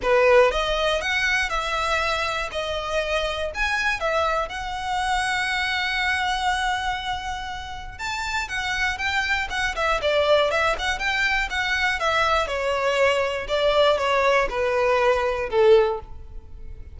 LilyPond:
\new Staff \with { instrumentName = "violin" } { \time 4/4 \tempo 4 = 120 b'4 dis''4 fis''4 e''4~ | e''4 dis''2 gis''4 | e''4 fis''2.~ | fis''1 |
a''4 fis''4 g''4 fis''8 e''8 | d''4 e''8 fis''8 g''4 fis''4 | e''4 cis''2 d''4 | cis''4 b'2 a'4 | }